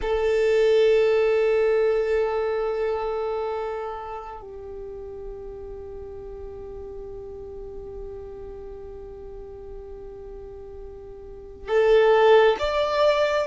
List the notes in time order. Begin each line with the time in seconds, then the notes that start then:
0.01 A4
4.40 G4
11.68 A4
12.59 D5